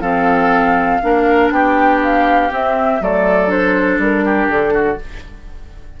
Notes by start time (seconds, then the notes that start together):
0.00 F3 C4 A4 F5
1.02 A#3 D4 A#4
1.50 B3 G4 G5
2.02 F5
2.50 C4 E5
3.00 F#3 A3 A4 D5
3.47 D4 C5
3.98 G3 A#4
4.24 G4
4.47 D3 A4
4.73 F#4